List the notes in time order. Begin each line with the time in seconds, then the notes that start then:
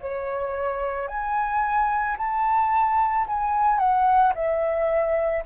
0.00 C#5
1.07 G#5
2.17 A5
3.27 G#5
3.78 F#5
4.34 E5